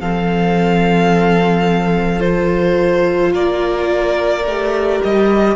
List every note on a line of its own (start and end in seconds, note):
0.00 3.33 F3
0.00 2.19 C4
0.00 3.32 A4
0.00 2.20 F5
2.19 4.41 F4
2.19 3.31 C5
3.32 4.44 A#3
3.32 5.54 A#4
3.32 5.01 D5
4.44 5.00 A3
4.44 5.56 G4
5.03 5.56 G3
5.03 5.56 D#5